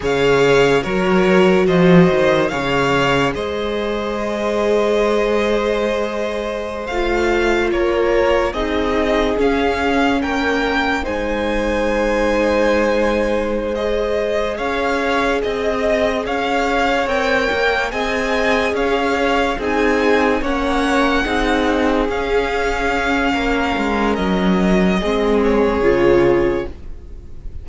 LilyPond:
<<
  \new Staff \with { instrumentName = "violin" } { \time 4/4 \tempo 4 = 72 f''4 cis''4 dis''4 f''4 | dis''1~ | dis''16 f''4 cis''4 dis''4 f''8.~ | f''16 g''4 gis''2~ gis''8.~ |
gis''8 dis''4 f''4 dis''4 f''8~ | f''8 g''4 gis''4 f''4 gis''8~ | gis''8 fis''2 f''4.~ | f''4 dis''4. cis''4. | }
  \new Staff \with { instrumentName = "violin" } { \time 4/4 cis''4 ais'4 c''4 cis''4 | c''1~ | c''4~ c''16 ais'4 gis'4.~ gis'16~ | gis'16 ais'4 c''2~ c''8.~ |
c''4. cis''4 dis''4 cis''8~ | cis''4. dis''4 cis''4 gis'8~ | gis'8 cis''4 gis'2~ gis'8 | ais'2 gis'2 | }
  \new Staff \with { instrumentName = "viola" } { \time 4/4 gis'4 fis'2 gis'4~ | gis'1~ | gis'16 f'2 dis'4 cis'8.~ | cis'4~ cis'16 dis'2~ dis'8.~ |
dis'8 gis'2.~ gis'8~ | gis'8 ais'4 gis'2 dis'8~ | dis'8 cis'4 dis'4 cis'4.~ | cis'2 c'4 f'4 | }
  \new Staff \with { instrumentName = "cello" } { \time 4/4 cis4 fis4 f8 dis8 cis4 | gis1~ | gis16 a4 ais4 c'4 cis'8.~ | cis'16 ais4 gis2~ gis8.~ |
gis4. cis'4 c'4 cis'8~ | cis'8 c'8 ais8 c'4 cis'4 c'8~ | c'8 ais4 c'4 cis'4. | ais8 gis8 fis4 gis4 cis4 | }
>>